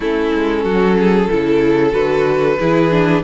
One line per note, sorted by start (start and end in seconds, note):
0.00 0.32 A3
0.00 1.30 C#4
0.00 0.64 E4
0.00 1.92 A4
0.33 0.64 G#3
0.64 1.28 F#3
0.64 0.96 F#4
0.98 1.30 G#4
1.30 1.93 C#3
1.30 1.91 E4
1.30 2.59 A4
1.91 2.58 D3
1.91 2.56 F#4
1.91 3.22 B4
2.59 3.23 E3
2.59 2.90 E4
2.59 3.23 G#4
2.90 3.23 D4